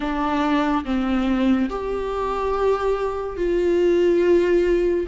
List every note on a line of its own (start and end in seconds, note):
0.00 0.84 D4
0.85 1.69 C4
1.69 3.36 G4
3.36 5.06 F4